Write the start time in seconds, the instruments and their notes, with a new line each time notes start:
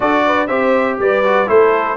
0.00 tuba D4, trombone F#4, horn A4, trumpet D5
0.26 horn B4
0.47 tuba C4, trombone G4, horn C5, trumpet E5
0.99 tuba G3, horn B4, trumpet D5
1.24 trombone F#4
1.46 tuba A3, trombone E4, horn A4, trumpet C5